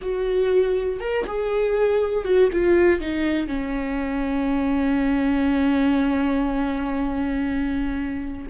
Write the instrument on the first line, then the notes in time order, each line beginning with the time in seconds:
viola
0.01 F#4
1.00 A#4
1.27 G#4
2.24 F#4
2.52 F4
3.00 D#4
3.47 C#4